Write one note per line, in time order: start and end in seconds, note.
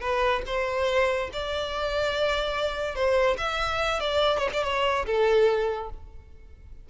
0.00 0.42 B4
0.46 1.30 C5
1.32 2.95 D5
2.95 3.37 C5
3.37 4.00 E5
4.00 4.38 D5
4.38 4.48 C#5
4.53 4.63 D5
4.64 5.05 C#5
5.06 5.89 A4